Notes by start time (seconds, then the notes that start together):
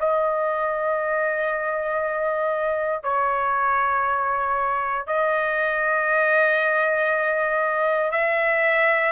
0.00 D#5
3.04 C#5
5.07 D#5
8.12 E5